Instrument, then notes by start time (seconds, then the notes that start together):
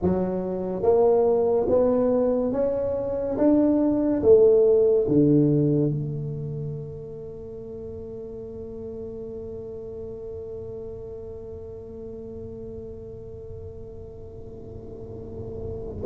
tuba
0.02 F#3
0.82 A#3
1.68 B3
2.52 C#4
3.37 D4
4.22 A3
5.07 D3
5.90 A3